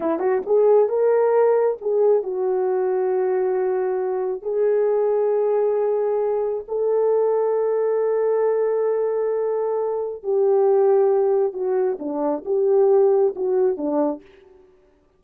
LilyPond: \new Staff \with { instrumentName = "horn" } { \time 4/4 \tempo 4 = 135 e'8 fis'8 gis'4 ais'2 | gis'4 fis'2.~ | fis'2 gis'2~ | gis'2. a'4~ |
a'1~ | a'2. g'4~ | g'2 fis'4 d'4 | g'2 fis'4 d'4 | }